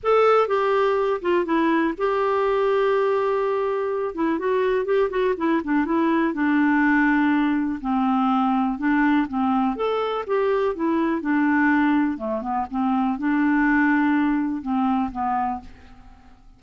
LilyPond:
\new Staff \with { instrumentName = "clarinet" } { \time 4/4 \tempo 4 = 123 a'4 g'4. f'8 e'4 | g'1~ | g'8 e'8 fis'4 g'8 fis'8 e'8 d'8 | e'4 d'2. |
c'2 d'4 c'4 | a'4 g'4 e'4 d'4~ | d'4 a8 b8 c'4 d'4~ | d'2 c'4 b4 | }